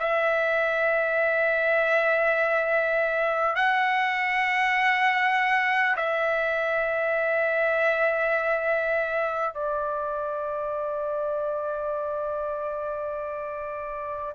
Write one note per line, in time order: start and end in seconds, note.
0.00 3.56 E5
3.56 5.96 F#5
5.97 9.55 E5
9.55 14.35 D5